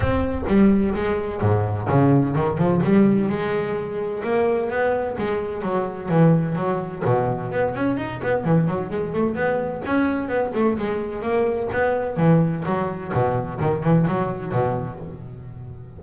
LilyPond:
\new Staff \with { instrumentName = "double bass" } { \time 4/4 \tempo 4 = 128 c'4 g4 gis4 gis,4 | cis4 dis8 f8 g4 gis4~ | gis4 ais4 b4 gis4 | fis4 e4 fis4 b,4 |
b8 cis'8 dis'8 b8 e8 fis8 gis8 a8 | b4 cis'4 b8 a8 gis4 | ais4 b4 e4 fis4 | b,4 dis8 e8 fis4 b,4 | }